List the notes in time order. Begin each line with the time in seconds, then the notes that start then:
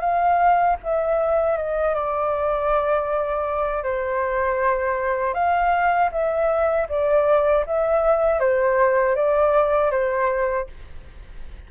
0.00 F5
0.83 E5
1.57 D#5
1.94 D5
3.83 C5
5.33 F5
6.11 E5
6.89 D5
7.66 E5
8.40 C5
9.15 D5
9.90 C5